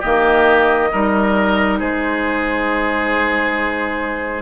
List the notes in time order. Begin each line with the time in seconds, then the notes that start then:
0.00 D#3 A#3 G4 D#5
0.91 G3 D#4 A#4
1.79 G#3 G#4 C5